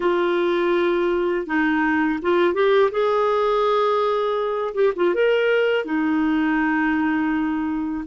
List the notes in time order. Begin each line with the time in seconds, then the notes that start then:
0.00 F4
1.46 D#4
2.22 F4
2.53 G4
2.91 G#4
4.74 G4
4.96 F4
5.14 A#4
5.84 D#4